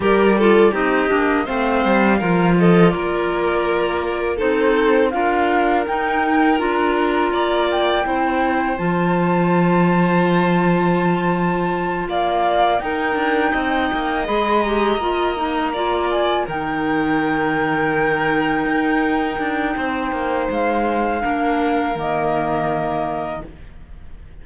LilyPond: <<
  \new Staff \with { instrumentName = "flute" } { \time 4/4 \tempo 4 = 82 d''4 dis''4 f''4. dis''8 | d''2 c''4 f''4 | g''4 ais''4. g''4. | a''1~ |
a''8 f''4 g''2 b''8 | ais''2 gis''8 g''4.~ | g''1 | f''2 dis''2 | }
  \new Staff \with { instrumentName = "violin" } { \time 4/4 ais'8 a'8 g'4 c''4 ais'8 a'8 | ais'2 a'4 ais'4~ | ais'2 d''4 c''4~ | c''1~ |
c''8 d''4 ais'4 dis''4.~ | dis''4. d''4 ais'4.~ | ais'2. c''4~ | c''4 ais'2. | }
  \new Staff \with { instrumentName = "clarinet" } { \time 4/4 g'8 f'8 dis'8 d'8 c'4 f'4~ | f'2 dis'4 f'4 | dis'4 f'2 e'4 | f'1~ |
f'4. dis'2 gis'8 | g'8 f'8 dis'8 f'4 dis'4.~ | dis'1~ | dis'4 d'4 ais2 | }
  \new Staff \with { instrumentName = "cello" } { \time 4/4 g4 c'8 ais8 a8 g8 f4 | ais2 c'4 d'4 | dis'4 d'4 ais4 c'4 | f1~ |
f8 ais4 dis'8 d'8 c'8 ais8 gis8~ | gis8 ais2 dis4.~ | dis4. dis'4 d'8 c'8 ais8 | gis4 ais4 dis2 | }
>>